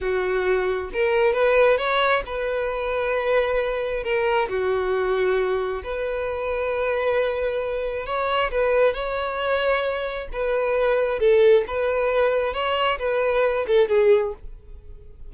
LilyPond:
\new Staff \with { instrumentName = "violin" } { \time 4/4 \tempo 4 = 134 fis'2 ais'4 b'4 | cis''4 b'2.~ | b'4 ais'4 fis'2~ | fis'4 b'2.~ |
b'2 cis''4 b'4 | cis''2. b'4~ | b'4 a'4 b'2 | cis''4 b'4. a'8 gis'4 | }